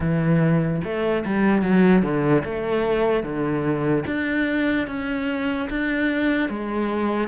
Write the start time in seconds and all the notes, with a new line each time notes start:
0.00 E3
0.84 A3
1.25 G3
1.62 F#3
2.02 D3
2.44 A3
3.23 D3
4.06 D4
4.87 C#4
5.69 D4
6.49 G#3